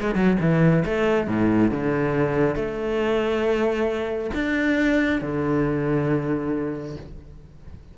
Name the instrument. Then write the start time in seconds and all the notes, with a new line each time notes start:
cello
0.00 G#3
0.15 F#3
0.41 E3
0.85 A3
1.28 A2
1.71 D3
2.56 A3
4.35 D4
5.22 D3